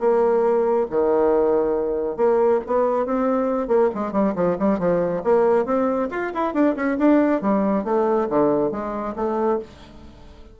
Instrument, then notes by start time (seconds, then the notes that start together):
bassoon
0.00 A#3
0.91 D#3
2.17 A#3
2.67 B3
3.06 C4
3.68 A#3
3.95 G#3
4.12 G3
4.36 F3
4.59 G3
4.79 F3
5.24 A#3
5.66 C4
6.11 F4
6.35 E4
6.54 D4
6.76 C#4
6.98 D4
7.42 G3
7.85 A3
8.30 D3
8.72 G#3
9.16 A3